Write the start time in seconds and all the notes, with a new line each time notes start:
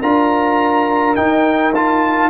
0.00 D4 F4 A#4 A#5
1.15 D#4 G5
1.74 F4 A5